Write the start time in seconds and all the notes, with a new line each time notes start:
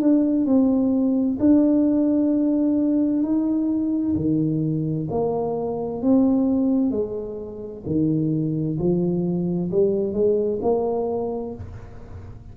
0.00 D4
0.46 C4
1.39 D4
3.23 D#4
4.16 D#3
5.10 A#3
6.02 C4
6.91 G#3
7.86 D#3
8.79 F3
9.71 G3
10.13 G#3
10.62 A#3